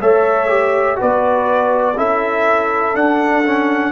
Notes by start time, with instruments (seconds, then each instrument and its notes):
0.00 tuba A3, trombone A4, horn C#5, trumpet E5
0.48 trombone G4
0.95 tuba B3, trombone F#4, horn B4, trumpet D5
1.97 tuba C#4, trombone E4, horn A4, trumpet E5
2.94 trombone D4, tuba D4, trumpet F#5
3.44 trombone C#4